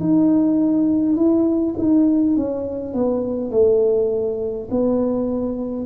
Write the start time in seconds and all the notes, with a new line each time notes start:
0.00 D#4
1.16 E4
1.78 D#4
2.36 C#4
2.94 B3
3.51 A3
4.71 B3